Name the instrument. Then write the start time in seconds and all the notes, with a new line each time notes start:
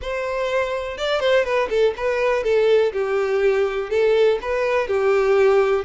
violin
0.01 C5
0.97 D5
1.20 C5
1.44 B4
1.69 A4
1.96 B4
2.43 A4
2.92 G4
3.89 A4
4.41 B4
4.87 G4